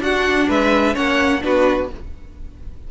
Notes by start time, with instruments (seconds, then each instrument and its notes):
0.00 cello D4, viola D4, violin F#4 F#5
0.49 cello G#3, violin B4 E5
0.95 cello A#3, viola C#4, violin C#5 F#5
1.41 cello B3, viola D4, violin F#4 B4